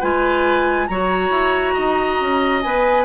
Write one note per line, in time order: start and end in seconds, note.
0.00 0.89 G#3
0.00 0.88 F4
0.00 0.87 B4
0.00 0.87 G#5
0.87 1.30 F#3
0.87 2.64 F#4
0.87 1.74 C#5
0.87 2.61 A#5
1.30 1.74 E4
1.74 2.21 D#4
1.74 3.05 D#5
2.21 2.64 C#4
2.62 3.05 B3
2.62 3.05 B4
2.62 3.05 G#5